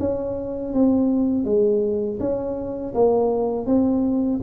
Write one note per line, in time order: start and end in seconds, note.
0.00 0.74 C#4
0.74 1.45 C4
1.45 2.19 G#3
2.20 2.94 C#4
2.95 3.67 A#3
3.67 4.41 C4